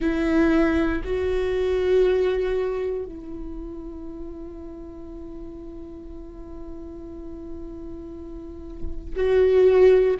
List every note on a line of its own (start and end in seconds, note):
0.00 1.02 E4
1.04 3.05 F#4
3.05 9.15 E4
9.15 10.17 F#4